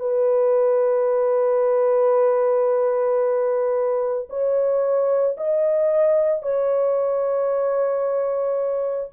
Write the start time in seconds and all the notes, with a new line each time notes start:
0.00 B4
4.30 C#5
5.37 D#5
6.43 C#5